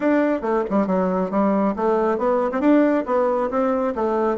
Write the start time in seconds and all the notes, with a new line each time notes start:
0.00 D4
0.41 A3
0.70 G3
0.87 F#3
1.30 G3
1.75 A3
2.18 B3
2.51 C4
2.60 D4
3.06 B3
3.50 C4
3.95 A3